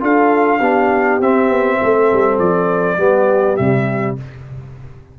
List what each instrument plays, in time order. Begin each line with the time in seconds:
0.00 tuba D4, trombone F4, horn A4, trumpet F5
0.59 tuba B3, trombone D4, horn G4
1.20 tuba C4, trombone C4, trumpet E5
1.49 tuba B3
1.79 tuba A3, horn A4
2.12 tuba G3
2.38 tuba F3, trumpet D5
2.97 tuba G3, trombone B3, horn G4
3.56 tuba C3, trombone G3, trumpet E5